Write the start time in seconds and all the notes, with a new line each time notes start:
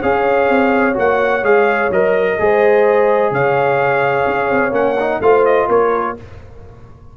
0.00 C#4 G#4 C#5 F5
0.50 C4
0.94 A#3 F#4 F#5
1.43 G#3 G#4 F5
1.91 F#3 A#4 D#5
2.39 G#3 G#4 C5
3.31 C#3 C#5 F5
4.27 C#4
4.51 C4
4.72 A#3 C#4 F#5
5.00 D#4
5.21 A3 F4 C5 F5
5.46 D#5
5.68 A#3 A#4 C#5